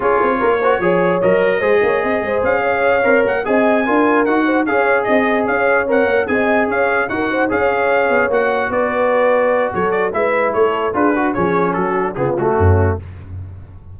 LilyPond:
<<
  \new Staff \with { instrumentName = "trumpet" } { \time 4/4 \tempo 4 = 148 cis''2. dis''4~ | dis''2 f''2 | fis''8 gis''2 fis''4 f''8~ | f''8 dis''4 f''4 fis''4 gis''8~ |
gis''8 f''4 fis''4 f''4.~ | f''8 fis''4 d''2~ d''8 | cis''8 d''8 e''4 cis''4 b'4 | cis''4 a'4 gis'8 fis'4. | }
  \new Staff \with { instrumentName = "horn" } { \time 4/4 gis'4 ais'8 c''8 cis''2 | c''8 cis''8 dis''8 c''4 cis''4.~ | cis''8 dis''4 ais'4. c''8 cis''8~ | cis''8 dis''4 cis''2 dis''8~ |
dis''8 cis''4 ais'8 c''8 cis''4.~ | cis''4. b'2~ b'8 | a'4 b'4 a'4 gis'8 fis'8 | gis'4 fis'4 f'4 cis'4 | }
  \new Staff \with { instrumentName = "trombone" } { \time 4/4 f'4. fis'8 gis'4 ais'4 | gis'2.~ gis'8 ais'8~ | ais'8 gis'4 f'4 fis'4 gis'8~ | gis'2~ gis'8 ais'4 gis'8~ |
gis'4. fis'4 gis'4.~ | gis'8 fis'2.~ fis'8~ | fis'4 e'2 f'8 fis'8 | cis'2 b8 a4. | }
  \new Staff \with { instrumentName = "tuba" } { \time 4/4 cis'8 c'8 ais4 f4 fis4 | gis8 ais8 c'8 gis8 cis'4. c'8 | ais8 c'4 d'4 dis'4 cis'8~ | cis'8 c'4 cis'4 c'8 ais8 c'8~ |
c'8 cis'4 dis'4 cis'4. | b8 ais4 b2~ b8 | fis4 gis4 a4 d'4 | f4 fis4 cis4 fis,4 | }
>>